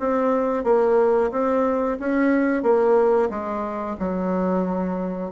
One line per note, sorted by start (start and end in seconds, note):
0.00 0.65 C4
0.65 1.31 A#3
1.32 1.98 C4
2.00 2.63 C#4
2.63 3.30 A#3
3.30 3.97 G#3
4.00 5.32 F#3